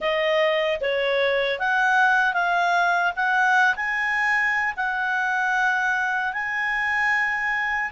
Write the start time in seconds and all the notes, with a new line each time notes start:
0.00 D#5
0.80 C#5
1.59 F#5
2.33 F5
3.16 F#5
3.75 G#5
4.76 F#5
6.33 G#5